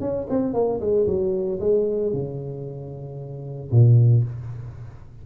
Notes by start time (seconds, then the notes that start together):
0.00 C#4
0.29 C4
0.53 A#3
0.80 G#3
1.06 F#3
1.60 G#3
2.13 C#3
3.71 A#2